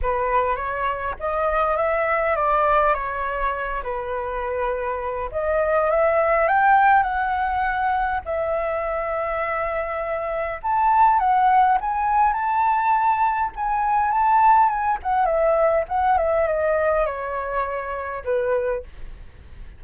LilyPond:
\new Staff \with { instrumentName = "flute" } { \time 4/4 \tempo 4 = 102 b'4 cis''4 dis''4 e''4 | d''4 cis''4. b'4.~ | b'4 dis''4 e''4 g''4 | fis''2 e''2~ |
e''2 a''4 fis''4 | gis''4 a''2 gis''4 | a''4 gis''8 fis''8 e''4 fis''8 e''8 | dis''4 cis''2 b'4 | }